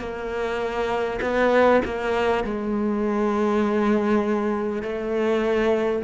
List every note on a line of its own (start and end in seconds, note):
0.00 1.20 A#3
1.22 1.82 B3
1.85 2.44 A#3
2.44 4.83 G#3
4.83 6.03 A3